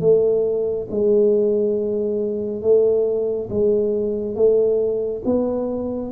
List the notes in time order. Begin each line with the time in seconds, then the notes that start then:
0.00 A3
0.90 G#3
2.61 A3
3.49 G#3
4.35 A3
5.25 B3